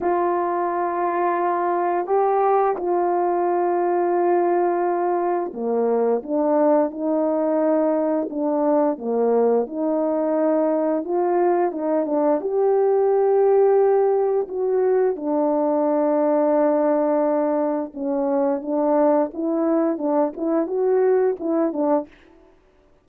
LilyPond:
\new Staff \with { instrumentName = "horn" } { \time 4/4 \tempo 4 = 87 f'2. g'4 | f'1 | ais4 d'4 dis'2 | d'4 ais4 dis'2 |
f'4 dis'8 d'8 g'2~ | g'4 fis'4 d'2~ | d'2 cis'4 d'4 | e'4 d'8 e'8 fis'4 e'8 d'8 | }